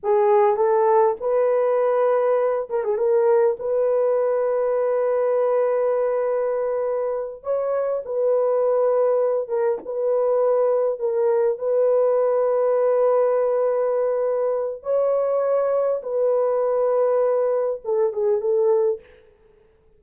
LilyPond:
\new Staff \with { instrumentName = "horn" } { \time 4/4 \tempo 4 = 101 gis'4 a'4 b'2~ | b'8 ais'16 gis'16 ais'4 b'2~ | b'1~ | b'8 cis''4 b'2~ b'8 |
ais'8 b'2 ais'4 b'8~ | b'1~ | b'4 cis''2 b'4~ | b'2 a'8 gis'8 a'4 | }